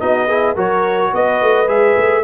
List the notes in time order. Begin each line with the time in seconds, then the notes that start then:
0.00 B3 D#4 F#4 D#5
0.28 E4 G#4
0.55 F#3 F#4 A#4 C#5
1.14 B3 B4 D#5
1.42 A3
1.67 G#3 G#4 E5
1.97 A3